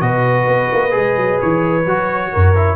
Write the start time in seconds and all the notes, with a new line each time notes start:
0.00 B2 F#4 B4 D#5
0.47 B3
0.72 A#3
0.90 G#3 G#4
1.17 F#3
1.40 E3 C#5
1.85 F#3 F#4
2.31 F#2 A#4
2.56 E4